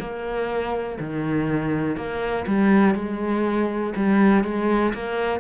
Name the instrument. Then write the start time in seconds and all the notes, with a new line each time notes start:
cello
0.00 A#3
0.99 D#3
1.96 A#3
2.47 G3
2.95 G#3
3.96 G3
4.44 G#3
4.94 A#3